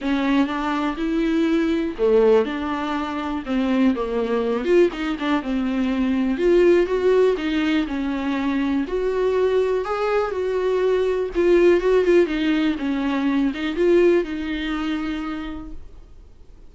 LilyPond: \new Staff \with { instrumentName = "viola" } { \time 4/4 \tempo 4 = 122 cis'4 d'4 e'2 | a4 d'2 c'4 | ais4. f'8 dis'8 d'8 c'4~ | c'4 f'4 fis'4 dis'4 |
cis'2 fis'2 | gis'4 fis'2 f'4 | fis'8 f'8 dis'4 cis'4. dis'8 | f'4 dis'2. | }